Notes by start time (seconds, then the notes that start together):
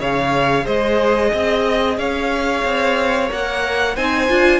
0.00 C#3 G#4 C#5 F5
0.65 G#3 C5 D#5
1.34 C4 D#5
1.98 C#4 C#5 F5
2.65 C4
3.28 A#3 A#4 F#5
3.96 C4 D#4 C5 G#5
4.29 D4 F4